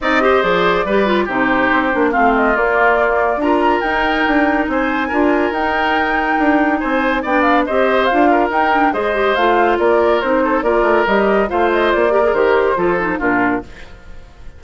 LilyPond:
<<
  \new Staff \with { instrumentName = "flute" } { \time 4/4 \tempo 4 = 141 dis''4 d''2 c''4~ | c''4 f''8 dis''8 d''2 | ais''4 g''2 gis''4~ | gis''4 g''2. |
gis''4 g''8 f''8 dis''4 f''4 | g''4 dis''4 f''4 d''4 | c''4 d''4 dis''4 f''8 dis''8 | d''4 c''2 ais'4 | }
  \new Staff \with { instrumentName = "oboe" } { \time 4/4 d''8 c''4. b'4 g'4~ | g'4 f'2. | ais'2. c''4 | ais'1 |
c''4 d''4 c''4. ais'8~ | ais'4 c''2 ais'4~ | ais'8 a'8 ais'2 c''4~ | c''8 ais'4. a'4 f'4 | }
  \new Staff \with { instrumentName = "clarinet" } { \time 4/4 dis'8 g'8 gis'4 g'8 f'8 dis'4~ | dis'8 d'8 c'4 ais2 | f'4 dis'2. | f'4 dis'2.~ |
dis'4 d'4 g'4 f'4 | dis'8 d'8 gis'8 g'8 f'2 | dis'4 f'4 g'4 f'4~ | f'8 g'16 gis'16 g'4 f'8 dis'8 d'4 | }
  \new Staff \with { instrumentName = "bassoon" } { \time 4/4 c'4 f4 g4 c4 | c'8 ais8 a4 ais2 | d'4 dis'4 d'4 c'4 | d'4 dis'2 d'4 |
c'4 b4 c'4 d'4 | dis'4 gis4 a4 ais4 | c'4 ais8 a8 g4 a4 | ais4 dis4 f4 ais,4 | }
>>